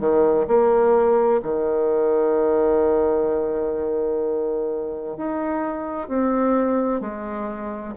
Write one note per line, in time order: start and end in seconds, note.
0.00 0.47 D#3
0.48 1.41 A#3
1.43 5.17 D#3
5.17 6.09 D#4
6.09 7.01 C4
7.01 7.95 G#3